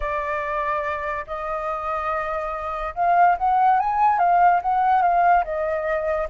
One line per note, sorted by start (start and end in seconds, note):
0.00 1.25 D5
1.26 2.94 D#5
2.95 3.37 F5
3.37 3.79 F#5
3.79 4.18 G#5
4.18 4.60 F5
4.62 5.02 F#5
5.02 5.44 F5
5.44 6.28 D#5